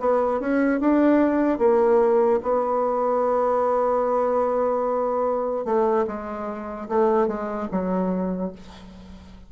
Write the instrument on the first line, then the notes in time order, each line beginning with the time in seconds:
bassoon
0.00 B3
0.40 C#4
0.80 D4
1.58 A#3
2.43 B3
5.65 A3
6.07 G#3
6.88 A3
7.28 G#3
7.71 F#3